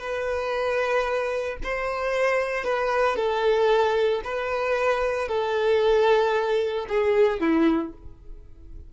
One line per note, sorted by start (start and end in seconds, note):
0.00 1.58 B4
1.64 2.65 C5
2.65 3.17 B4
3.17 4.22 A4
4.25 5.29 B4
5.29 6.87 A4
6.89 7.41 G#4
7.41 7.93 E4